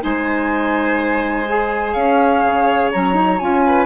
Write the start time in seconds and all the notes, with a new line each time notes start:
0.00 G#3 D#4 C5 G#5
1.49 G#4
1.93 C#4 C#5 F5
2.44 C#3
2.92 F#3 C#4 A#5
3.14 D#4
3.39 C#4 F4 G#5
3.66 B4